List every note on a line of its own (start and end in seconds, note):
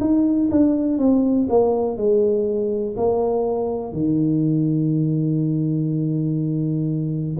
0.00 0.49 D#4
0.51 0.98 D4
0.98 1.47 C4
1.49 1.97 A#3
1.97 2.96 G#3
2.96 3.92 A#3
3.92 7.36 D#3